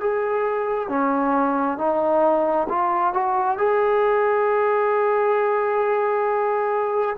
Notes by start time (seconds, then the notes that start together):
0.00 G#4
0.88 C#4
1.77 D#4
2.69 F4
3.13 F#4
3.58 G#4